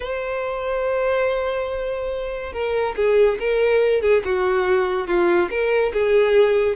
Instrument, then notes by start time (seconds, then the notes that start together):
violin
0.00 C5
2.52 A#4
2.96 G#4
3.39 A#4
4.01 G#4
4.24 F#4
5.07 F4
5.50 A#4
5.93 G#4